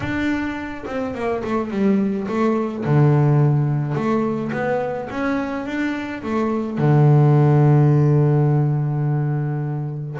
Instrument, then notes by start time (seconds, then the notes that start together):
double bass
0.00 D4
0.86 C4
1.14 A#3
1.44 A3
1.70 G3
2.27 A3
2.84 D3
3.94 A3
4.52 B3
5.10 C#4
5.66 D4
6.22 A3
6.78 D3